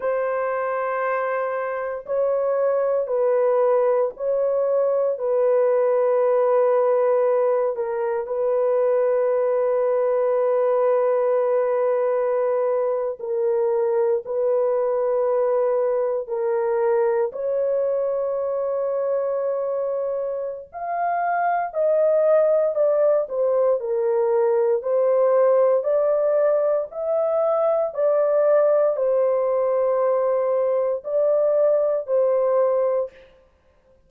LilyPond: \new Staff \with { instrumentName = "horn" } { \time 4/4 \tempo 4 = 58 c''2 cis''4 b'4 | cis''4 b'2~ b'8 ais'8 | b'1~ | b'8. ais'4 b'2 ais'16~ |
ais'8. cis''2.~ cis''16 | f''4 dis''4 d''8 c''8 ais'4 | c''4 d''4 e''4 d''4 | c''2 d''4 c''4 | }